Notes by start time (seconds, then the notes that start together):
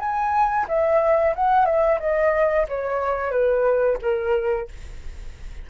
0.00 G#5
0.69 E5
1.36 F#5
1.66 E5
2.01 D#5
2.69 C#5
3.32 B4
4.02 A#4